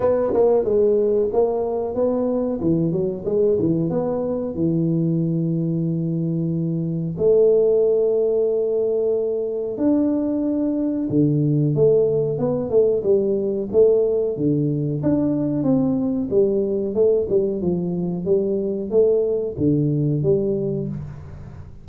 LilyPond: \new Staff \with { instrumentName = "tuba" } { \time 4/4 \tempo 4 = 92 b8 ais8 gis4 ais4 b4 | e8 fis8 gis8 e8 b4 e4~ | e2. a4~ | a2. d'4~ |
d'4 d4 a4 b8 a8 | g4 a4 d4 d'4 | c'4 g4 a8 g8 f4 | g4 a4 d4 g4 | }